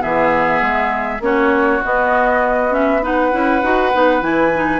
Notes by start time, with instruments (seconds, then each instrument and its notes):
0.00 bassoon E3, clarinet B3, oboe G#4, flute E5
0.61 bassoon G#3
1.20 bassoon A#3, clarinet C#4, oboe F#4, flute C#5
1.84 clarinet B3, bassoon B3, flute D#5
2.70 clarinet C#4, flute E5
3.02 clarinet D#4, oboe B4, flute F#5
3.32 bassoon C#4, clarinet E4
3.62 bassoon D#4, clarinet F#4
3.93 bassoon B3, clarinet D#4
4.21 bassoon E3, clarinet E4, flute G#5
4.54 clarinet D#4